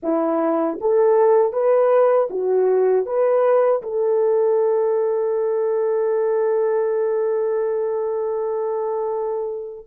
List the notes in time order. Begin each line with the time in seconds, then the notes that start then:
0.02 E4
0.80 A4
1.52 B4
2.30 F#4
3.06 B4
3.82 A4